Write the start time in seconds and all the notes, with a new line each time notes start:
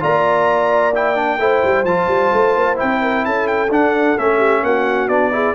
0.00 A#3 F4 D5 A#5
0.94 E4 G5
1.15 D4
1.39 A3 E4 C5
1.64 G3
1.83 F3 F4 A5
2.07 G3
2.32 A3
2.56 A#3
2.75 E4 G5
2.82 C4
3.02 A#4
3.25 C#4 A4 A5
3.47 G5
3.69 D4 F#5
4.18 A3 C#4 E5
4.37 G4
4.62 A#3 F#4 F#5
5.08 B3 D4 D5
5.31 E4 G#4